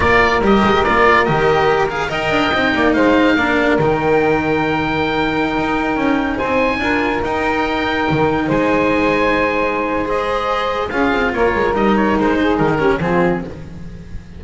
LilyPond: <<
  \new Staff \with { instrumentName = "oboe" } { \time 4/4 \tempo 4 = 143 d''4 dis''4 d''4 dis''4~ | dis''8 f''8 g''2 f''4~ | f''4 g''2.~ | g''2.~ g''16 gis''8.~ |
gis''4~ gis''16 g''2~ g''8.~ | g''16 gis''2.~ gis''8. | dis''2 f''4 cis''4 | dis''8 cis''8 c''4 ais'4 gis'4 | }
  \new Staff \with { instrumentName = "saxophone" } { \time 4/4 ais'1~ | ais'4 dis''4. d''8 c''4 | ais'1~ | ais'2.~ ais'16 c''8.~ |
c''16 ais'2.~ ais'8.~ | ais'16 c''2.~ c''8.~ | c''2 gis'4 ais'4~ | ais'4. gis'4 g'8 f'4 | }
  \new Staff \with { instrumentName = "cello" } { \time 4/4 f'4 g'4 f'4 g'4~ | g'8 gis'8 ais'4 dis'2 | d'4 dis'2.~ | dis'1~ |
dis'16 f'4 dis'2~ dis'8.~ | dis'1 | gis'2 f'2 | dis'2~ dis'8 cis'8 c'4 | }
  \new Staff \with { instrumentName = "double bass" } { \time 4/4 ais4 g8 gis8 ais4 dis4~ | dis4 dis'8 d'8 c'8 ais8 gis4 | ais4 dis2.~ | dis4~ dis16 dis'4 cis'4 c'8.~ |
c'16 d'4 dis'2 dis8.~ | dis16 gis2.~ gis8.~ | gis2 cis'8 c'8 ais8 gis8 | g4 gis4 dis4 f4 | }
>>